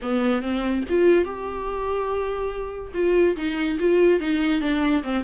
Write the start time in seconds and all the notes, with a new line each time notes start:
0.02 B3
0.42 C4
0.89 F4
1.24 G4
2.94 F4
3.36 D#4
3.79 F4
4.20 D#4
4.60 D4
5.03 C4